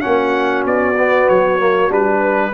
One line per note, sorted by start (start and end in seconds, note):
0.00 0.65 A#3
0.00 0.94 C#4
0.00 2.20 F#4
0.00 0.63 F#5
0.65 1.27 B3
0.65 1.28 D5
0.97 1.58 B3
1.28 1.89 F#3
1.28 1.91 C#5
1.58 1.89 A#3
1.89 2.51 G3
1.89 2.51 D4
1.89 2.53 B4
2.20 2.51 B4